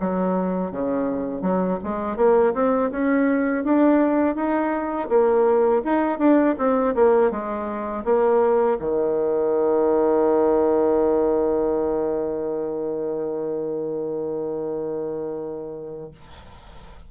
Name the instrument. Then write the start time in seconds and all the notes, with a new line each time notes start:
bassoon
0.00 F#3
0.71 C#3
1.41 F#3
1.83 G#3
2.16 A#3
2.53 C4
2.91 C#4
3.64 D4
4.35 D#4
5.09 A#3
5.84 D#4
6.18 D4
6.58 C4
6.95 A#3
7.31 G#3
8.04 A#3
8.79 D#3